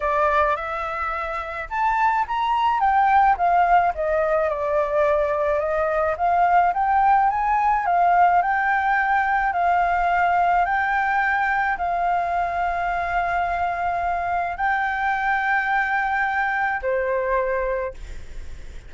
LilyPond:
\new Staff \with { instrumentName = "flute" } { \time 4/4 \tempo 4 = 107 d''4 e''2 a''4 | ais''4 g''4 f''4 dis''4 | d''2 dis''4 f''4 | g''4 gis''4 f''4 g''4~ |
g''4 f''2 g''4~ | g''4 f''2.~ | f''2 g''2~ | g''2 c''2 | }